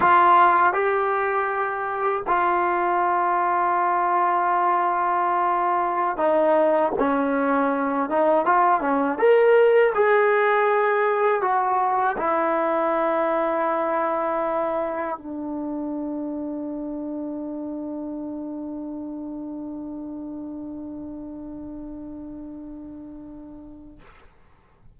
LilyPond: \new Staff \with { instrumentName = "trombone" } { \time 4/4 \tempo 4 = 80 f'4 g'2 f'4~ | f'1~ | f'16 dis'4 cis'4. dis'8 f'8 cis'16~ | cis'16 ais'4 gis'2 fis'8.~ |
fis'16 e'2.~ e'8.~ | e'16 d'2.~ d'8.~ | d'1~ | d'1 | }